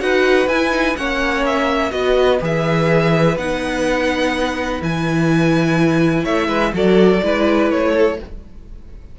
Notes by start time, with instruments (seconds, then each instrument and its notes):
0.00 cello D#4, viola F#4, violin B4 F#5
0.48 cello E4, viola E4, violin G#5
0.71 viola D#4
0.97 cello A#3, viola C#4, violin C#5 F#5
1.46 violin E5
1.91 cello B3, viola F#4, violin B4 D#5
2.41 cello E3, viola G#4, violin E5
3.37 cello B3, viola D#4, violin F#5
4.82 cello E3, viola E4, violin G#5
6.24 cello A3, violin C#5 E5
6.48 cello G#3, violin B4
6.74 cello F#3, viola F#4, violin A4 D5
7.23 cello G#3, viola E4, violin B4
7.71 cello A3, violin C#5
7.92 violin A4